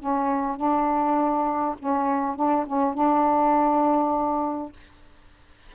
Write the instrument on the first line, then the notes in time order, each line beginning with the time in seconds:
saxophone
0.00 C#4
0.57 D4
1.79 C#4
2.36 D4
2.67 C#4
2.95 D4